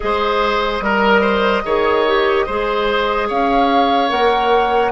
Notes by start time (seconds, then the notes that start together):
0.00 G#3 G#4 C5 D#5
0.80 G3 A#4
1.21 C5
1.64 D#3 G#4 C#5
2.06 G4
2.46 G#3 G#4 C5
3.28 C#4 C#5 F5
4.08 A#3 A#4 F#5